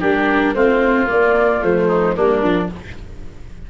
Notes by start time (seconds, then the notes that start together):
0.00 G3 D4 G4 A#4
0.54 A3 C4 F4 C5
1.07 A#3 D5
1.62 F3 A3 C5
1.88 D#4
2.16 G3 A#3 D4 A#4
2.43 F3 D4